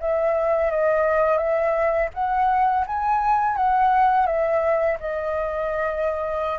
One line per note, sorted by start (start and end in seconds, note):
0.00 0.71 E5
0.71 1.38 D#5
1.38 2.09 E5
2.14 2.85 F#5
2.87 3.56 G#5
3.56 4.27 F#5
4.27 4.98 E5
5.00 6.59 D#5